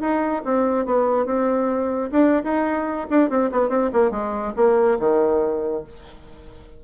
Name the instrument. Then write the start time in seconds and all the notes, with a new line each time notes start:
bassoon
0.00 D#4
0.45 C4
0.85 B3
1.26 C4
2.11 D4
2.44 D#4
3.10 D4
3.29 C4
3.51 B3
3.69 C4
3.93 A#3
4.11 G#3
4.56 A#3
4.99 D#3